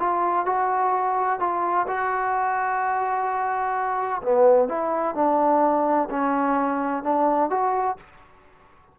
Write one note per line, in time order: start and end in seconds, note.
0.00 0.46 F4
0.46 1.40 F#4
1.40 1.87 F4
1.88 4.22 F#4
4.23 4.69 B3
4.69 5.15 E4
5.15 6.09 D4
6.10 7.04 C#4
7.04 7.50 D4
7.50 7.97 F#4